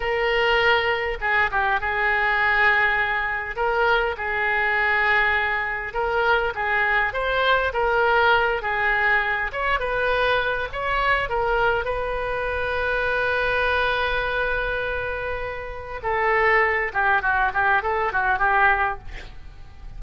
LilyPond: \new Staff \with { instrumentName = "oboe" } { \time 4/4 \tempo 4 = 101 ais'2 gis'8 g'8 gis'4~ | gis'2 ais'4 gis'4~ | gis'2 ais'4 gis'4 | c''4 ais'4. gis'4. |
cis''8 b'4. cis''4 ais'4 | b'1~ | b'2. a'4~ | a'8 g'8 fis'8 g'8 a'8 fis'8 g'4 | }